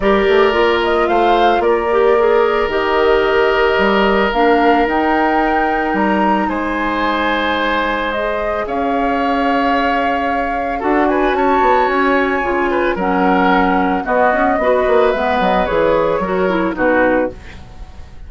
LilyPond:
<<
  \new Staff \with { instrumentName = "flute" } { \time 4/4 \tempo 4 = 111 d''4. dis''8 f''4 d''4~ | d''4 dis''2. | f''4 g''2 ais''4 | gis''2. dis''4 |
f''1 | fis''8 gis''8 a''4 gis''2 | fis''2 dis''2 | e''8 dis''8 cis''2 b'4 | }
  \new Staff \with { instrumentName = "oboe" } { \time 4/4 ais'2 c''4 ais'4~ | ais'1~ | ais'1 | c''1 |
cis''1 | a'8 b'8 cis''2~ cis''8 b'8 | ais'2 fis'4 b'4~ | b'2 ais'4 fis'4 | }
  \new Staff \with { instrumentName = "clarinet" } { \time 4/4 g'4 f'2~ f'8 g'8 | gis'4 g'2. | d'4 dis'2.~ | dis'2. gis'4~ |
gis'1 | fis'2. f'4 | cis'2 b4 fis'4 | b4 gis'4 fis'8 e'8 dis'4 | }
  \new Staff \with { instrumentName = "bassoon" } { \time 4/4 g8 a8 ais4 a4 ais4~ | ais4 dis2 g4 | ais4 dis'2 g4 | gis1 |
cis'1 | d'4 cis'8 b8 cis'4 cis4 | fis2 b8 cis'8 b8 ais8 | gis8 fis8 e4 fis4 b,4 | }
>>